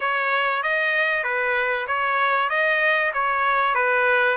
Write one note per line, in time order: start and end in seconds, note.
0.00 0.62 C#5
0.62 1.23 D#5
1.23 1.86 B4
1.87 2.49 C#5
2.49 3.12 D#5
3.13 3.74 C#5
3.74 4.37 B4